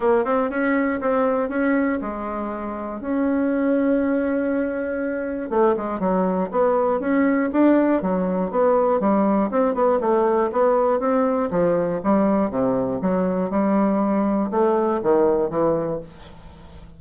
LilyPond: \new Staff \with { instrumentName = "bassoon" } { \time 4/4 \tempo 4 = 120 ais8 c'8 cis'4 c'4 cis'4 | gis2 cis'2~ | cis'2. a8 gis8 | fis4 b4 cis'4 d'4 |
fis4 b4 g4 c'8 b8 | a4 b4 c'4 f4 | g4 c4 fis4 g4~ | g4 a4 dis4 e4 | }